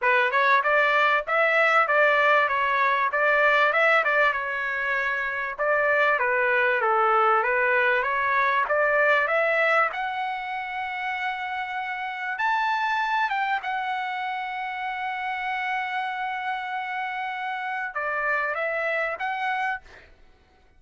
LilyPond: \new Staff \with { instrumentName = "trumpet" } { \time 4/4 \tempo 4 = 97 b'8 cis''8 d''4 e''4 d''4 | cis''4 d''4 e''8 d''8 cis''4~ | cis''4 d''4 b'4 a'4 | b'4 cis''4 d''4 e''4 |
fis''1 | a''4. g''8 fis''2~ | fis''1~ | fis''4 d''4 e''4 fis''4 | }